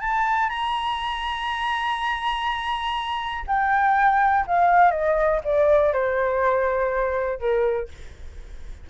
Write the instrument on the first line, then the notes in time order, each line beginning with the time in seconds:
flute
0.00 A5
0.49 A#5
3.47 G5
4.47 F5
4.91 D#5
5.44 D5
5.93 C5
7.39 A#4